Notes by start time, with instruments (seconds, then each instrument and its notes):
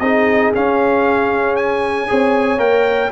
0.00 tuba C4, trombone D#4, horn G#4, trumpet D#5
0.55 trombone C#4, tuba C#4, trumpet F5
1.57 trumpet G#5
2.08 tuba C4, trombone G#4, horn C#5
2.58 tuba A#3, trombone A#4, trumpet G5